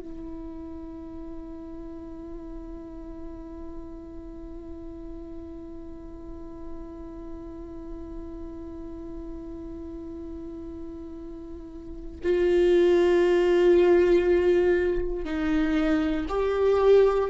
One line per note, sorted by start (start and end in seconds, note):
0.00 12.20 E4
12.23 15.24 F4
15.24 16.26 D#4
16.29 17.30 G4